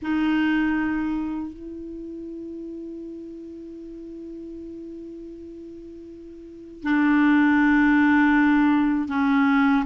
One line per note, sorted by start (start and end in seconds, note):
0.02 1.53 D#4
1.53 6.83 E4
6.83 9.08 D4
9.08 9.84 C#4